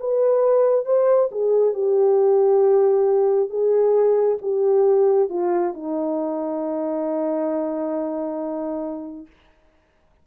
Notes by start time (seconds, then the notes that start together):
0.00 B4
0.86 C5
1.32 G#4
1.74 G4
3.50 G#4
4.42 G4
5.30 F4
5.74 D#4